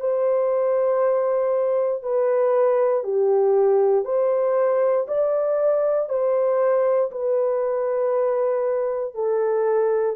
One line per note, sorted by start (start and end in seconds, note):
0.00 2.03 C5
2.03 3.04 B4
3.04 4.05 G4
4.05 5.07 C5
5.08 6.10 D5
6.10 7.11 C5
7.11 9.15 B4
9.15 10.16 A4